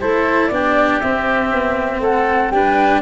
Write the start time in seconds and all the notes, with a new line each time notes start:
0.00 A3 E4 A4 C5
0.47 B3 D4 D5
0.53 G4
1.00 C4 E5
1.52 B3
2.00 A3 A4 F#5
2.50 G3 D4 B4 G5